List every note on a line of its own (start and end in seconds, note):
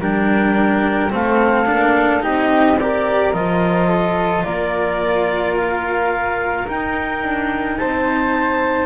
0.00 1.11 G3
0.00 1.10 D4
0.00 1.12 A#4
0.00 1.13 G5
1.10 1.68 A3
1.10 1.66 C4
1.10 2.24 A4
1.10 2.23 F5
1.66 2.24 A#3
1.66 2.21 D4
2.21 3.33 C4
2.21 2.76 D#4
2.21 2.79 G4
2.21 2.79 D#5
2.79 3.33 G4
2.79 3.88 A#4
2.79 3.33 D5
3.33 4.44 F3
3.33 6.67 F4
3.33 4.44 D#5
3.88 4.44 A4
4.44 6.67 A#3
4.44 7.78 A#4
4.44 5.55 D5
5.57 6.68 F5
6.68 7.23 D#4
6.68 8.86 D#4
6.68 7.78 G5
7.23 7.79 D4
7.78 8.86 C4
7.78 8.86 C5
7.78 8.86 A5